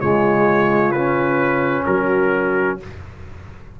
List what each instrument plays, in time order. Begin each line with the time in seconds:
0.00 tuba C#3, trombone G#3, horn F4, trumpet C#5
0.91 trombone C#4, trumpet B4
1.85 tuba F#3, horn F#4, trumpet A#4